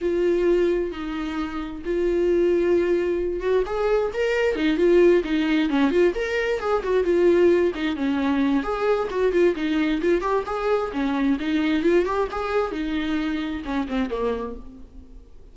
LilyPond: \new Staff \with { instrumentName = "viola" } { \time 4/4 \tempo 4 = 132 f'2 dis'2 | f'2.~ f'8 fis'8 | gis'4 ais'4 dis'8 f'4 dis'8~ | dis'8 cis'8 f'8 ais'4 gis'8 fis'8 f'8~ |
f'4 dis'8 cis'4. gis'4 | fis'8 f'8 dis'4 f'8 g'8 gis'4 | cis'4 dis'4 f'8 g'8 gis'4 | dis'2 cis'8 c'8 ais4 | }